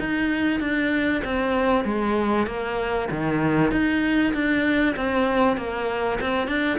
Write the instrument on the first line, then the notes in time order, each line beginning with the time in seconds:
cello
0.00 D#4
0.61 D4
1.25 C4
1.85 G#3
2.47 A#3
3.11 D#3
3.72 D#4
4.34 D4
4.97 C4
5.58 A#3
6.21 C4
6.48 D4